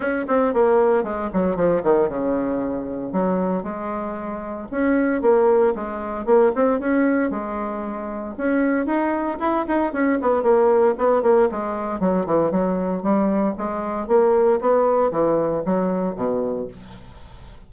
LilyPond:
\new Staff \with { instrumentName = "bassoon" } { \time 4/4 \tempo 4 = 115 cis'8 c'8 ais4 gis8 fis8 f8 dis8 | cis2 fis4 gis4~ | gis4 cis'4 ais4 gis4 | ais8 c'8 cis'4 gis2 |
cis'4 dis'4 e'8 dis'8 cis'8 b8 | ais4 b8 ais8 gis4 fis8 e8 | fis4 g4 gis4 ais4 | b4 e4 fis4 b,4 | }